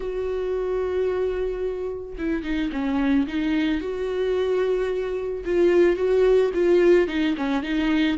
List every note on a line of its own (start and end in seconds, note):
0.00 2.16 F#4
2.18 2.43 E4
2.43 2.70 D#4
2.72 3.26 C#4
3.27 3.81 D#4
3.81 5.44 F#4
5.45 5.96 F4
5.96 6.51 F#4
6.54 7.07 F4
7.07 7.35 D#4
7.37 7.62 C#4
7.62 8.17 D#4